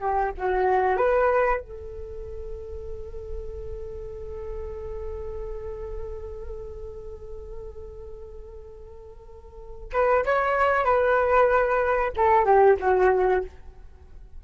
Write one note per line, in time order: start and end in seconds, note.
0.00 0.32 G4
0.37 0.97 F#4
0.97 1.60 B4
1.60 9.90 A4
9.93 10.24 B4
10.25 10.85 C#5
10.85 12.12 B4
12.16 12.45 A4
12.45 12.77 G4
12.80 13.44 F#4